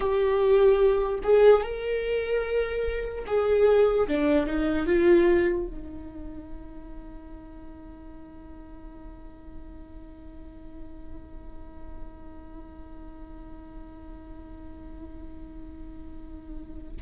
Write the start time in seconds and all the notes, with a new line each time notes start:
0.00 G4
1.23 G#4
1.62 A#4
3.26 G#4
4.08 D4
4.46 D#4
4.86 F4
5.66 D#4